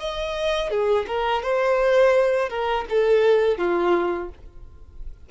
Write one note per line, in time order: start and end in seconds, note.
0.00 0.70 D#5
0.70 1.06 G#4
1.07 1.43 A#4
1.43 2.49 C5
2.49 2.85 A#4
2.90 3.58 A4
3.58 4.29 F4